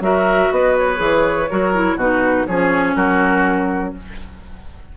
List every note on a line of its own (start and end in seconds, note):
0.00 0.49 F#3
0.00 0.96 F#4
0.00 0.53 A#4
0.00 0.52 E5
0.51 0.99 B3
0.51 1.50 B4
0.51 0.77 D#5
0.78 1.99 C#5
0.96 1.49 E3
0.96 1.45 G#4
1.50 1.95 F#3
1.50 1.74 F#4
1.50 1.97 A#4
1.74 1.98 E4
1.95 2.44 B2
1.95 2.48 D#4
1.95 2.46 F#4
1.95 2.46 B4
2.46 2.95 F3
2.46 3.97 C#4
2.46 2.96 G#4
2.46 2.95 C#5
2.95 3.94 F#3
2.95 3.94 F#4
2.95 3.94 A#4